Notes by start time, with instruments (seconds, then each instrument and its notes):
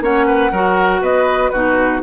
0.00 bassoon A#3, clarinet C#4, oboe C#5, flute F#5
0.26 oboe B4
0.51 bassoon F#3, clarinet F#4, oboe A#4
1.01 bassoon B3, oboe B4, flute D#5
1.49 bassoon B2, clarinet D#4, oboe F#4, flute B4